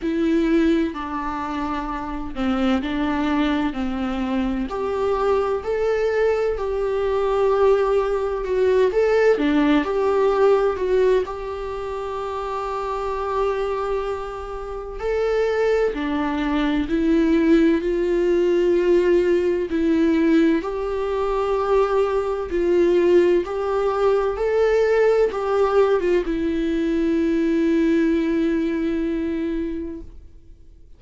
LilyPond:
\new Staff \with { instrumentName = "viola" } { \time 4/4 \tempo 4 = 64 e'4 d'4. c'8 d'4 | c'4 g'4 a'4 g'4~ | g'4 fis'8 a'8 d'8 g'4 fis'8 | g'1 |
a'4 d'4 e'4 f'4~ | f'4 e'4 g'2 | f'4 g'4 a'4 g'8. f'16 | e'1 | }